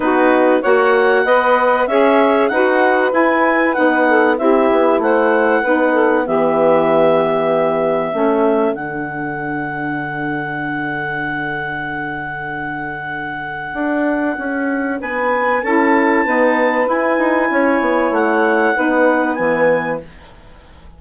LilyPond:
<<
  \new Staff \with { instrumentName = "clarinet" } { \time 4/4 \tempo 4 = 96 b'4 fis''2 e''4 | fis''4 gis''4 fis''4 e''4 | fis''2 e''2~ | e''2 fis''2~ |
fis''1~ | fis''1 | gis''4 a''2 gis''4~ | gis''4 fis''2 gis''4 | }
  \new Staff \with { instrumentName = "saxophone" } { \time 4/4 fis'4 cis''4 dis''4 cis''4 | b'2~ b'8 a'8 g'4 | c''4 b'8 a'8 g'2~ | g'4 a'2.~ |
a'1~ | a'1 | b'4 a'4 b'2 | cis''2 b'2 | }
  \new Staff \with { instrumentName = "saxophone" } { \time 4/4 dis'4 fis'4 b'4 gis'4 | fis'4 e'4 dis'4 e'4~ | e'4 dis'4 b2~ | b4 cis'4 d'2~ |
d'1~ | d'1~ | d'4 e'4 b4 e'4~ | e'2 dis'4 b4 | }
  \new Staff \with { instrumentName = "bassoon" } { \time 4/4 b4 ais4 b4 cis'4 | dis'4 e'4 b4 c'8 b8 | a4 b4 e2~ | e4 a4 d2~ |
d1~ | d2 d'4 cis'4 | b4 cis'4 dis'4 e'8 dis'8 | cis'8 b8 a4 b4 e4 | }
>>